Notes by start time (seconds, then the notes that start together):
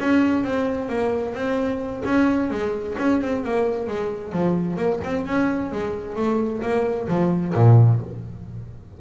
0.00 C#4
0.44 C4
0.89 A#3
1.34 C4
2.05 C#4
2.50 G#3
2.98 C#4
3.21 C4
3.44 A#3
3.87 G#3
4.32 F3
4.77 A#3
5.04 C4
5.26 C#4
5.72 G#3
6.15 A3
6.62 A#3
7.08 F3
7.54 A#2